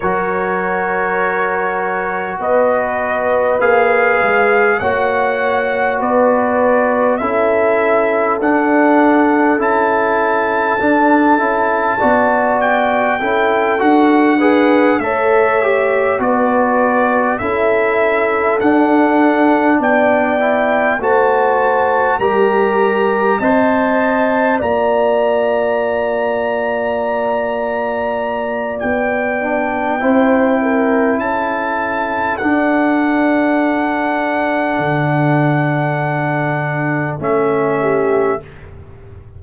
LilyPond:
<<
  \new Staff \with { instrumentName = "trumpet" } { \time 4/4 \tempo 4 = 50 cis''2 dis''4 f''4 | fis''4 d''4 e''4 fis''4 | a''2~ a''8 g''4 fis''8~ | fis''8 e''4 d''4 e''4 fis''8~ |
fis''8 g''4 a''4 ais''4 a''8~ | a''8 ais''2.~ ais''8 | g''2 a''4 fis''4~ | fis''2. e''4 | }
  \new Staff \with { instrumentName = "horn" } { \time 4/4 ais'2 b'2 | cis''4 b'4 a'2~ | a'2 d''4 a'4 | b'8 cis''4 b'4 a'4.~ |
a'8 d''4 c''4 ais'4 dis''8~ | dis''8 d''2.~ d''8~ | d''4 c''8 ais'8 a'2~ | a'2.~ a'8 g'8 | }
  \new Staff \with { instrumentName = "trombone" } { \time 4/4 fis'2. gis'4 | fis'2 e'4 d'4 | e'4 d'8 e'8 fis'4 e'8 fis'8 | gis'8 a'8 g'8 fis'4 e'4 d'8~ |
d'4 e'8 fis'4 g'4 c''8~ | c''8 f'2.~ f'8~ | f'8 d'8 e'2 d'4~ | d'2. cis'4 | }
  \new Staff \with { instrumentName = "tuba" } { \time 4/4 fis2 b4 ais8 gis8 | ais4 b4 cis'4 d'4 | cis'4 d'8 cis'8 b4 cis'8 d'8~ | d'8 a4 b4 cis'4 d'8~ |
d'8 b4 a4 g4 c'8~ | c'8 ais2.~ ais8 | b4 c'4 cis'4 d'4~ | d'4 d2 a4 | }
>>